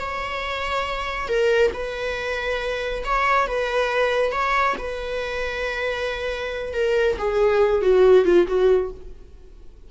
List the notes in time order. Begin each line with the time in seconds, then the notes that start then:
0.00 C#5
1.28 A#4
1.74 B4
3.05 C#5
3.47 B4
4.32 C#5
4.79 B4
6.74 A#4
7.19 G#4
7.82 F#4
8.25 F4
8.48 F#4